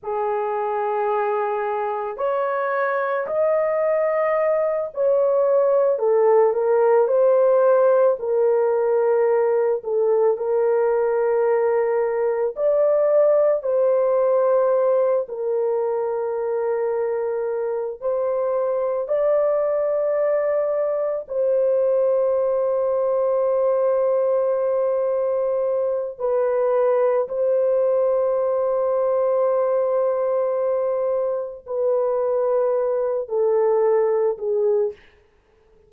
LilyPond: \new Staff \with { instrumentName = "horn" } { \time 4/4 \tempo 4 = 55 gis'2 cis''4 dis''4~ | dis''8 cis''4 a'8 ais'8 c''4 ais'8~ | ais'4 a'8 ais'2 d''8~ | d''8 c''4. ais'2~ |
ais'8 c''4 d''2 c''8~ | c''1 | b'4 c''2.~ | c''4 b'4. a'4 gis'8 | }